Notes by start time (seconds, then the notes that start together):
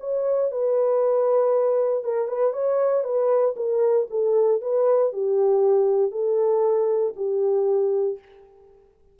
0.00 C#5
0.52 B4
2.04 A#4
2.28 B4
2.53 C#5
3.04 B4
3.56 A#4
4.10 A4
4.62 B4
5.13 G4
6.11 A4
7.16 G4